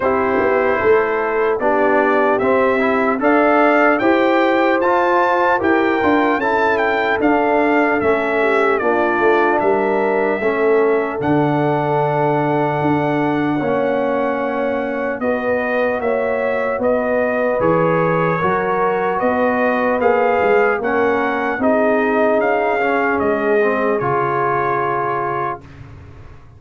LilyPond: <<
  \new Staff \with { instrumentName = "trumpet" } { \time 4/4 \tempo 4 = 75 c''2 d''4 e''4 | f''4 g''4 a''4 g''4 | a''8 g''8 f''4 e''4 d''4 | e''2 fis''2~ |
fis''2. dis''4 | e''4 dis''4 cis''2 | dis''4 f''4 fis''4 dis''4 | f''4 dis''4 cis''2 | }
  \new Staff \with { instrumentName = "horn" } { \time 4/4 g'4 a'4 g'2 | d''4 c''2 ais'4 | a'2~ a'8 g'8 f'4 | ais'4 a'2.~ |
a'4 cis''2 b'4 | cis''4 b'2 ais'4 | b'2 ais'4 gis'4~ | gis'1 | }
  \new Staff \with { instrumentName = "trombone" } { \time 4/4 e'2 d'4 c'8 e'8 | a'4 g'4 f'4 g'8 f'8 | e'4 d'4 cis'4 d'4~ | d'4 cis'4 d'2~ |
d'4 cis'2 fis'4~ | fis'2 gis'4 fis'4~ | fis'4 gis'4 cis'4 dis'4~ | dis'8 cis'4 c'8 f'2 | }
  \new Staff \with { instrumentName = "tuba" } { \time 4/4 c'8 b8 a4 b4 c'4 | d'4 e'4 f'4 e'8 d'8 | cis'4 d'4 a4 ais8 a8 | g4 a4 d2 |
d'4 ais2 b4 | ais4 b4 e4 fis4 | b4 ais8 gis8 ais4 c'4 | cis'4 gis4 cis2 | }
>>